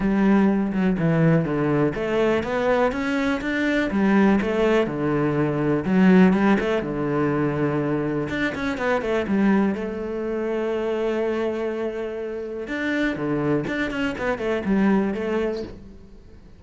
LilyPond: \new Staff \with { instrumentName = "cello" } { \time 4/4 \tempo 4 = 123 g4. fis8 e4 d4 | a4 b4 cis'4 d'4 | g4 a4 d2 | fis4 g8 a8 d2~ |
d4 d'8 cis'8 b8 a8 g4 | a1~ | a2 d'4 d4 | d'8 cis'8 b8 a8 g4 a4 | }